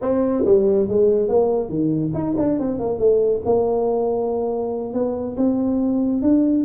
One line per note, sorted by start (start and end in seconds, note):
0.01 0.44 C4
0.45 0.88 G3
0.88 1.28 G#3
1.28 1.69 A#3
1.69 2.12 D#3
2.14 2.35 D#4
2.37 2.59 D4
2.59 2.79 C4
2.79 2.98 A#3
2.98 3.41 A3
3.45 4.93 A#3
4.93 5.36 B3
5.36 6.21 C4
6.21 6.64 D4